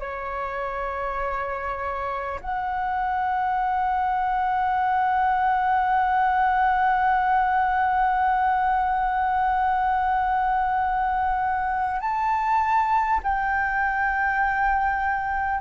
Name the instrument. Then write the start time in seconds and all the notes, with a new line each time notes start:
flute
0.00 C#5
2.41 F#5
12.01 A5
13.23 G5